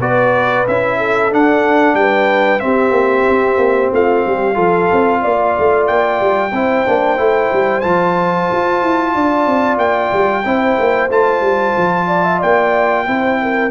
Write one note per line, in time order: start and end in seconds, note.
0.00 0.65 B3
0.00 0.66 F#4
0.00 0.97 B4
0.00 0.66 D5
0.67 1.32 C#4
0.67 1.30 E4
0.67 1.32 E5
0.97 1.95 A4
1.30 2.59 D4
1.30 1.93 D4
1.30 1.95 F#5
1.93 2.59 G3
1.93 2.63 B4
1.93 2.59 G5
2.59 4.54 C4
2.59 2.91 C4
2.59 3.93 G4
2.59 3.90 E5
2.91 3.23 A#3
3.28 3.57 C4
3.57 3.89 A#3
3.92 4.25 A3
3.92 4.26 F4
3.92 5.86 F5
4.26 4.57 G3
4.26 4.54 G4
4.54 4.89 F3
4.54 6.50 F4
4.54 5.19 A4
4.92 5.24 C4
5.21 5.57 A#3
5.21 6.51 D5
5.58 5.89 A3
5.86 6.20 A#3
5.86 7.80 G5
6.20 6.51 G3
6.51 6.84 C4
6.51 6.85 E4
6.51 9.13 C5
6.85 7.18 A#3
6.85 7.17 D4
7.17 7.51 A3
7.17 7.82 E4
7.52 7.84 G3
7.80 8.49 F3
7.80 10.43 F4
7.80 9.76 A5
8.51 8.82 F4
8.82 9.14 E4
9.14 9.46 D4
9.14 10.45 D5
9.46 9.77 C4
9.77 10.10 A#3
9.77 11.09 G5
10.13 10.44 G3
10.44 10.77 C4
10.44 11.10 E4
10.44 12.07 C5
10.78 11.09 A#3
11.09 11.41 A3
11.09 13.06 F4
11.09 12.41 A5
11.41 11.73 G3
11.77 12.42 F3
12.07 12.23 D5
12.23 12.39 E5
12.39 13.07 A#3
12.39 13.04 D5
12.39 13.70 G5
13.06 13.70 C4
13.06 13.70 E4
13.06 13.38 C5
13.41 13.70 A#4